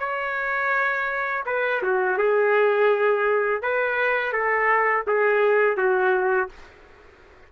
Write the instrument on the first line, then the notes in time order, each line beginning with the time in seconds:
trumpet
0.00 C#5
1.46 B4
1.83 F#4
2.18 G#4
3.63 B4
4.33 A4
5.07 G#4
5.77 F#4